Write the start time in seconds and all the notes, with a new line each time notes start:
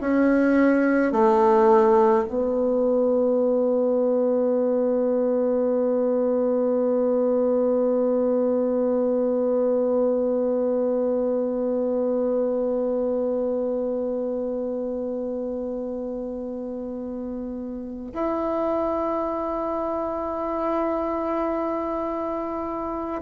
0.00 C#4
1.12 A3
2.27 B3
18.13 E4